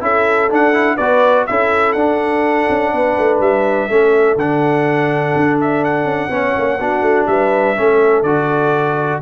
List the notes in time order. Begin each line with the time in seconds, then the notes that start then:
0.00 C#4 E4 A4 E5
0.49 D4 F#5
0.73 E4
0.96 B3 F#4 B4 D5
1.46 C#4 E4 A4 E5
1.92 D4 F#5
2.69 C#4
2.92 B3 B4
3.18 A3
3.40 G3 E5
3.88 A3 C#4 A4
4.36 D3 D4 F#5
5.36 D4
5.60 E5
5.84 F#5
6.04 C#4
6.30 B3 C#4 C#5
6.57 A#3
6.79 B3 D4 F#4
7.01 A3
7.26 G3 B4 E5
7.76 A3 C#4 A4
8.22 D3 F#4 D5